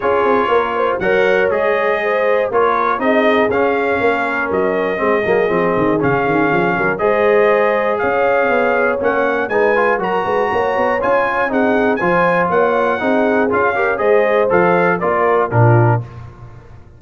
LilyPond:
<<
  \new Staff \with { instrumentName = "trumpet" } { \time 4/4 \tempo 4 = 120 cis''2 fis''4 dis''4~ | dis''4 cis''4 dis''4 f''4~ | f''4 dis''2. | f''2 dis''2 |
f''2 fis''4 gis''4 | ais''2 gis''4 fis''4 | gis''4 fis''2 f''4 | dis''4 f''4 d''4 ais'4 | }
  \new Staff \with { instrumentName = "horn" } { \time 4/4 gis'4 ais'8 c''8 cis''2 | c''4 ais'4 gis'2 | ais'2 gis'2~ | gis'4. ais'8 c''2 |
cis''2. b'4 | ais'8 b'8 cis''2 gis'4 | c''4 cis''4 gis'4. ais'8 | c''2 ais'4 f'4 | }
  \new Staff \with { instrumentName = "trombone" } { \time 4/4 f'2 ais'4 gis'4~ | gis'4 f'4 dis'4 cis'4~ | cis'2 c'8 ais8 c'4 | cis'2 gis'2~ |
gis'2 cis'4 dis'8 f'8 | fis'2 f'4 dis'4 | f'2 dis'4 f'8 g'8 | gis'4 a'4 f'4 d'4 | }
  \new Staff \with { instrumentName = "tuba" } { \time 4/4 cis'8 c'8 ais4 fis4 gis4~ | gis4 ais4 c'4 cis'4 | ais4 fis4 gis8 fis8 f8 dis8 | cis8 dis8 f8 fis8 gis2 |
cis'4 b4 ais4 gis4 | fis8 gis8 ais8 b8 cis'4 c'4 | f4 ais4 c'4 cis'4 | gis4 f4 ais4 ais,4 | }
>>